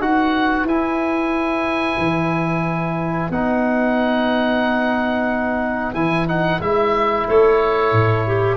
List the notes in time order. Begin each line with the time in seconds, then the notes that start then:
0.00 D#4 F#4 B4 F#5
0.64 E4 G#5
1.98 E3
3.30 B3 D#4 F#5
5.94 E3 E4 G#5
6.27 D#4 F#5
6.60 G#3 E4 E5
7.27 A3 A4 C#5
7.92 A2
8.27 G4